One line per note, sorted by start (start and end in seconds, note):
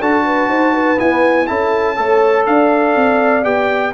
0.00 0.49 D4
0.00 0.97 F#4
0.00 0.25 A4
0.00 1.00 A5
0.25 0.49 B4
0.49 0.98 D#4
0.49 0.73 C5
0.73 1.47 B4
0.97 1.46 B3
0.97 1.49 E4
0.97 1.47 G#5
1.47 1.98 C#4
1.47 1.96 E4
1.47 1.97 A4
1.47 2.45 A5
1.96 2.47 A3
1.96 3.43 A4
1.96 2.47 C#5
2.46 2.96 D4
2.46 3.94 D5
2.46 3.44 F5
2.96 3.45 C4
3.43 3.94 B3
3.43 3.92 G4
3.43 3.93 G5